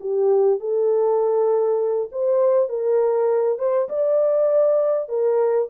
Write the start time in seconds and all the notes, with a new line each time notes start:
0.00 G4
0.59 A4
2.12 C5
2.69 A#4
3.59 C5
3.89 D5
5.08 A#4